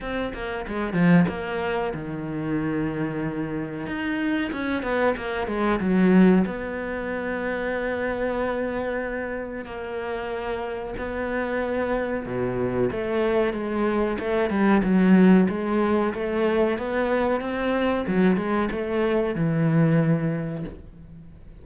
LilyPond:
\new Staff \with { instrumentName = "cello" } { \time 4/4 \tempo 4 = 93 c'8 ais8 gis8 f8 ais4 dis4~ | dis2 dis'4 cis'8 b8 | ais8 gis8 fis4 b2~ | b2. ais4~ |
ais4 b2 b,4 | a4 gis4 a8 g8 fis4 | gis4 a4 b4 c'4 | fis8 gis8 a4 e2 | }